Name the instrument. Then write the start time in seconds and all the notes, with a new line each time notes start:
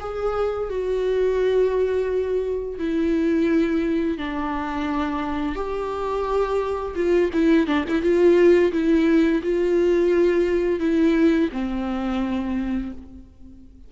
viola
0.00 G#4
0.69 F#4
2.78 E4
4.18 D4
5.55 G4
6.95 F4
7.33 E4
7.67 D4
7.88 E4
8.02 F4
8.72 E4
9.43 F4
10.80 E4
11.52 C4